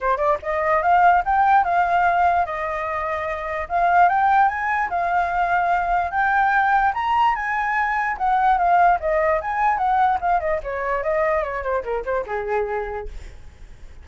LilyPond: \new Staff \with { instrumentName = "flute" } { \time 4/4 \tempo 4 = 147 c''8 d''8 dis''4 f''4 g''4 | f''2 dis''2~ | dis''4 f''4 g''4 gis''4 | f''2. g''4~ |
g''4 ais''4 gis''2 | fis''4 f''4 dis''4 gis''4 | fis''4 f''8 dis''8 cis''4 dis''4 | cis''8 c''8 ais'8 c''8 gis'2 | }